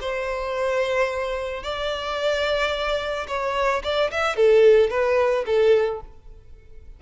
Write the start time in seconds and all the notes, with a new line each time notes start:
0.00 C5
1.63 D5
3.27 C#5
3.83 D5
4.11 E5
4.36 A4
4.89 B4
5.46 A4